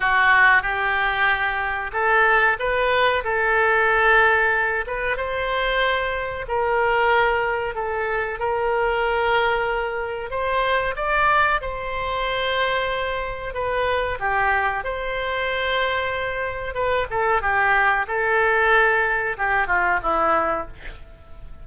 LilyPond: \new Staff \with { instrumentName = "oboe" } { \time 4/4 \tempo 4 = 93 fis'4 g'2 a'4 | b'4 a'2~ a'8 b'8 | c''2 ais'2 | a'4 ais'2. |
c''4 d''4 c''2~ | c''4 b'4 g'4 c''4~ | c''2 b'8 a'8 g'4 | a'2 g'8 f'8 e'4 | }